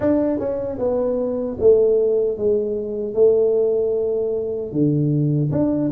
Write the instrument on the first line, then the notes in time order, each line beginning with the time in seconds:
tuba
0.00 D4
0.39 C#4
0.78 B3
1.60 A3
2.37 G#3
3.14 A3
4.72 D3
5.51 D4